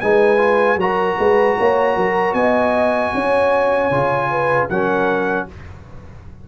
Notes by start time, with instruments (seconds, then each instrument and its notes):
0.00 tuba G#3, trombone D#4, horn B4, trumpet G#5
0.37 trombone F4
0.76 tuba F#3, trombone F#4, horn A#4, trumpet A#5
1.18 tuba G#3, horn B4
1.58 tuba A#3, horn C#5
1.96 tuba F#3, horn A#4
2.33 tuba B3, horn D#5, trumpet G#5
3.13 tuba C#4, horn C#5
3.90 tuba C#3, trombone F4
4.30 horn B4
4.69 tuba F#3, trombone C#4, horn A#4, trumpet F#5